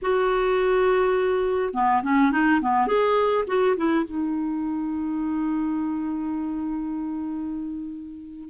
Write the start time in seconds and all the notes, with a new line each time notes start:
0.02 F#4
1.73 B3
2.02 C#4
2.31 D#4
2.61 B3
2.87 G#4
3.47 F#4
3.77 E4
4.04 D#4